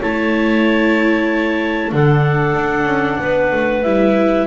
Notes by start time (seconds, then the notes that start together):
0.00 A3 E4 C#5 A5
1.91 D3 D4 A4 F#5
2.54 D4
2.85 C#4
3.20 B3 B4
3.52 A3
3.82 G3 E4 E5